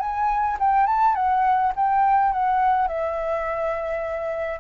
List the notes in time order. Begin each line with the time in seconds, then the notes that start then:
0.00 G#5
0.60 G5
0.87 A5
1.15 F#5
1.76 G5
2.32 F#5
2.88 E5